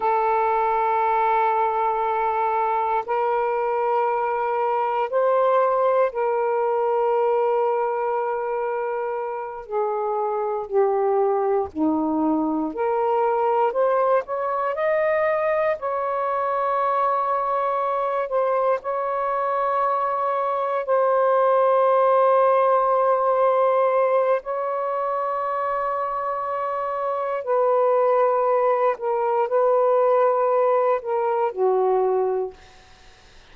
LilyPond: \new Staff \with { instrumentName = "saxophone" } { \time 4/4 \tempo 4 = 59 a'2. ais'4~ | ais'4 c''4 ais'2~ | ais'4. gis'4 g'4 dis'8~ | dis'8 ais'4 c''8 cis''8 dis''4 cis''8~ |
cis''2 c''8 cis''4.~ | cis''8 c''2.~ c''8 | cis''2. b'4~ | b'8 ais'8 b'4. ais'8 fis'4 | }